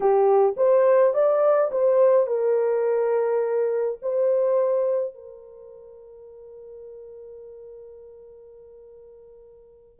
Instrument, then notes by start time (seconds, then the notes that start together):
horn
0.00 G4
0.56 C5
1.14 D5
1.71 C5
2.26 A#4
4.02 C5
5.14 A#4